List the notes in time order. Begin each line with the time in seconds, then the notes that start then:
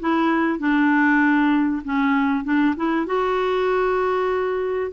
0.00 E4
0.59 D4
1.84 C#4
2.44 D4
2.76 E4
3.06 F#4